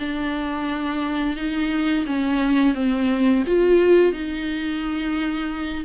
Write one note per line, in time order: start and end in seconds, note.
0.00 1.36 D4
1.36 2.05 D#4
2.06 2.75 C#4
2.75 3.44 C4
3.47 4.13 F4
4.13 5.85 D#4